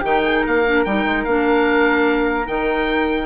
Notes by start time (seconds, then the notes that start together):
0.00 D#3 D#4 G4 G5
0.23 G#4
0.42 A#3 A#4 F5
0.66 D4
0.84 G3 D#4 G5
1.05 G#3
1.24 A#3 D4 F5
2.45 D#3 D#4 G5